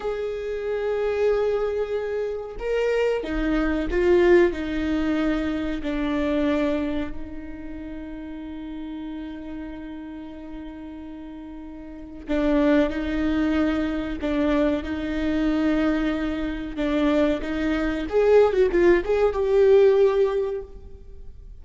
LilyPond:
\new Staff \with { instrumentName = "viola" } { \time 4/4 \tempo 4 = 93 gis'1 | ais'4 dis'4 f'4 dis'4~ | dis'4 d'2 dis'4~ | dis'1~ |
dis'2. d'4 | dis'2 d'4 dis'4~ | dis'2 d'4 dis'4 | gis'8. fis'16 f'8 gis'8 g'2 | }